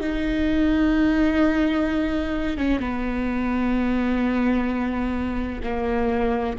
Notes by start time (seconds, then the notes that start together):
0.00 D#4
2.57 C#4
2.80 B3
5.63 A#3